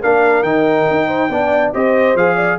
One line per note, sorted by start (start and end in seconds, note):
0.00 0.42 A#3
0.00 0.44 D4
0.00 1.07 A#4
0.00 0.43 F5
0.42 0.85 D#3
0.42 1.30 D#4
0.42 1.71 G5
0.90 1.29 D#4
1.07 1.28 C5
1.29 1.72 B3
1.29 1.73 D4
1.29 1.74 D5
1.73 2.14 C4
1.73 2.16 G4
1.73 2.35 C5
1.73 2.16 D#5
2.14 2.57 F3
2.14 2.59 G#4
2.14 2.59 F5
2.35 2.56 D5